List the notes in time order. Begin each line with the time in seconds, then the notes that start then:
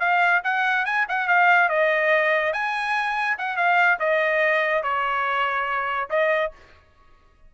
0.00 F5
0.44 F#5
0.86 G#5
1.09 F#5
1.28 F5
1.69 D#5
2.53 G#5
3.39 F#5
3.57 F5
3.99 D#5
4.83 C#5
6.10 D#5